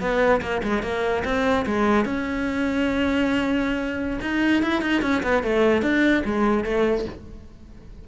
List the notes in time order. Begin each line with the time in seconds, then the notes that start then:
0.00 B3
0.41 A#3
0.63 G#3
0.82 A#3
1.24 C4
1.65 G#3
2.05 C#4
4.21 D#4
4.62 E4
4.81 D#4
5.01 C#4
5.23 B3
5.43 A3
5.82 D4
6.25 G#3
6.64 A3